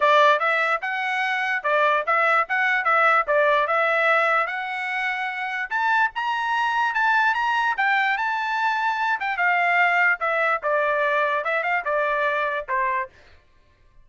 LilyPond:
\new Staff \with { instrumentName = "trumpet" } { \time 4/4 \tempo 4 = 147 d''4 e''4 fis''2 | d''4 e''4 fis''4 e''4 | d''4 e''2 fis''4~ | fis''2 a''4 ais''4~ |
ais''4 a''4 ais''4 g''4 | a''2~ a''8 g''8 f''4~ | f''4 e''4 d''2 | e''8 f''8 d''2 c''4 | }